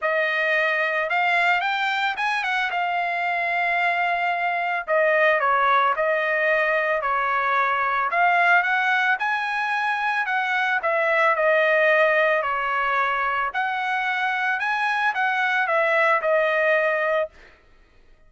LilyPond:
\new Staff \with { instrumentName = "trumpet" } { \time 4/4 \tempo 4 = 111 dis''2 f''4 g''4 | gis''8 fis''8 f''2.~ | f''4 dis''4 cis''4 dis''4~ | dis''4 cis''2 f''4 |
fis''4 gis''2 fis''4 | e''4 dis''2 cis''4~ | cis''4 fis''2 gis''4 | fis''4 e''4 dis''2 | }